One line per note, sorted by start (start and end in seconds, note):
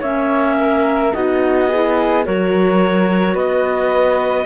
0.00 1.12 A#3
0.00 1.13 C#4
0.00 0.56 C#5
0.00 1.13 E5
0.60 1.14 A#4
1.13 2.27 B3
1.13 1.68 D#4
1.13 1.69 F#4
1.13 2.25 D#5
1.69 2.25 E4
1.69 2.25 G#4
2.25 3.35 F#3
2.25 4.46 F#4
2.25 3.34 A#4
2.25 3.37 C#5
3.34 4.46 B3
3.34 4.45 B4
3.34 4.46 D#5